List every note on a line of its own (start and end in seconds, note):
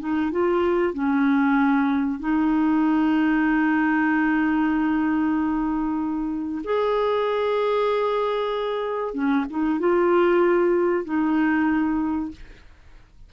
0.00 0.32 D#4
0.32 0.94 F4
0.94 2.20 C#4
2.20 6.62 D#4
6.64 9.14 G#4
9.14 9.46 C#4
9.51 9.80 D#4
9.80 11.05 F4
11.05 12.32 D#4